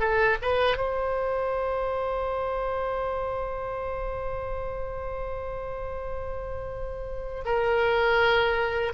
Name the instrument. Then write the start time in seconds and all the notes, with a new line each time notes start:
oboe
0.00 A4
0.42 B4
0.77 C5
7.45 A#4